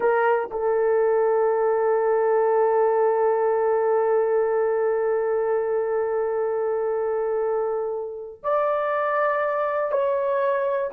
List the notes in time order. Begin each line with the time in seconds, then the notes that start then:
0.00 A#4
0.50 A4
8.43 D5
9.91 C#5